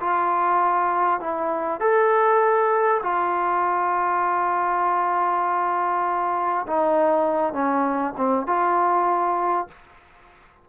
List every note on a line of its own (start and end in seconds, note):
0.00 1.20 F4
1.20 1.80 E4
1.80 3.01 A4
3.02 6.66 F4
6.67 7.53 D#4
7.53 8.13 C#4
8.17 8.47 C4
8.47 9.68 F4